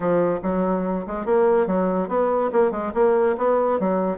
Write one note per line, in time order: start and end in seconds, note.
0.00 0.39 F3
0.42 1.05 F#3
1.06 1.25 G#3
1.25 1.66 A#3
1.66 2.08 F#3
2.08 2.50 B3
2.52 2.71 A#3
2.71 2.92 G#3
2.94 3.36 A#3
3.37 3.79 B3
3.79 4.17 F#3